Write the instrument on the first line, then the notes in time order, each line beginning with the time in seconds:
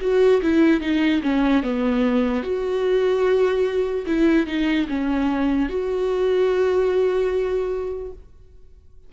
viola
0.00 F#4
0.42 E4
0.80 D#4
1.22 C#4
1.63 B3
2.43 F#4
4.06 E4
4.46 D#4
4.88 C#4
5.68 F#4